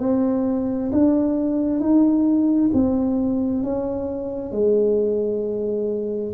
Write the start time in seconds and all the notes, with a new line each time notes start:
0.00 C4
0.92 D4
1.80 D#4
2.74 C4
3.63 C#4
4.52 G#3